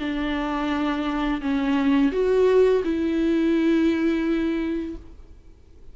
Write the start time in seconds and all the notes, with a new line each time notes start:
0.00 D4
1.41 C#4
2.12 F#4
2.84 E4